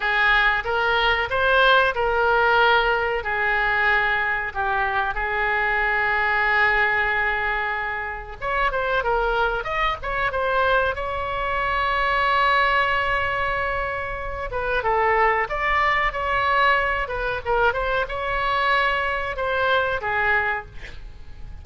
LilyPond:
\new Staff \with { instrumentName = "oboe" } { \time 4/4 \tempo 4 = 93 gis'4 ais'4 c''4 ais'4~ | ais'4 gis'2 g'4 | gis'1~ | gis'4 cis''8 c''8 ais'4 dis''8 cis''8 |
c''4 cis''2.~ | cis''2~ cis''8 b'8 a'4 | d''4 cis''4. b'8 ais'8 c''8 | cis''2 c''4 gis'4 | }